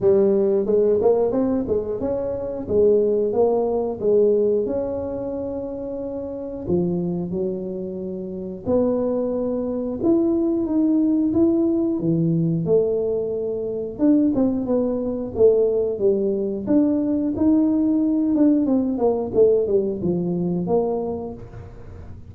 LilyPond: \new Staff \with { instrumentName = "tuba" } { \time 4/4 \tempo 4 = 90 g4 gis8 ais8 c'8 gis8 cis'4 | gis4 ais4 gis4 cis'4~ | cis'2 f4 fis4~ | fis4 b2 e'4 |
dis'4 e'4 e4 a4~ | a4 d'8 c'8 b4 a4 | g4 d'4 dis'4. d'8 | c'8 ais8 a8 g8 f4 ais4 | }